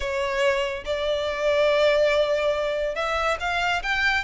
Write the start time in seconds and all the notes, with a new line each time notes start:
0.00 C#5
0.85 D5
2.95 E5
3.40 F5
3.82 G5